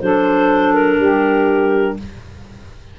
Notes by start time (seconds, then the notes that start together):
0.00 F#3 D4 A4 C5
0.74 A#4
0.99 G3 G4